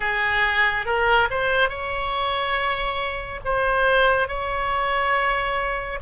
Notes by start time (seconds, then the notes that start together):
0.00 G#4
0.85 A#4
1.30 C5
1.69 C#5
3.44 C5
4.27 C#5